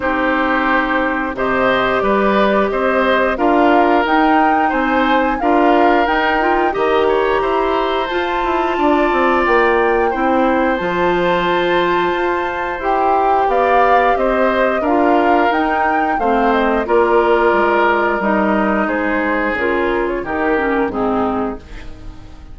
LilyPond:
<<
  \new Staff \with { instrumentName = "flute" } { \time 4/4 \tempo 4 = 89 c''2 dis''4 d''4 | dis''4 f''4 g''4 gis''4 | f''4 g''4 ais''2 | a''2 g''2 |
a''2. g''4 | f''4 dis''4 f''4 g''4 | f''8 dis''8 d''2 dis''4 | c''4 ais'8. cis''16 ais'4 gis'4 | }
  \new Staff \with { instrumentName = "oboe" } { \time 4/4 g'2 c''4 b'4 | c''4 ais'2 c''4 | ais'2 dis''8 cis''8 c''4~ | c''4 d''2 c''4~ |
c''1 | d''4 c''4 ais'2 | c''4 ais'2. | gis'2 g'4 dis'4 | }
  \new Staff \with { instrumentName = "clarinet" } { \time 4/4 dis'2 g'2~ | g'4 f'4 dis'2 | f'4 dis'8 f'8 g'2 | f'2. e'4 |
f'2. g'4~ | g'2 f'4 dis'4 | c'4 f'2 dis'4~ | dis'4 f'4 dis'8 cis'8 c'4 | }
  \new Staff \with { instrumentName = "bassoon" } { \time 4/4 c'2 c4 g4 | c'4 d'4 dis'4 c'4 | d'4 dis'4 dis4 e'4 | f'8 e'8 d'8 c'8 ais4 c'4 |
f2 f'4 e'4 | b4 c'4 d'4 dis'4 | a4 ais4 gis4 g4 | gis4 cis4 dis4 gis,4 | }
>>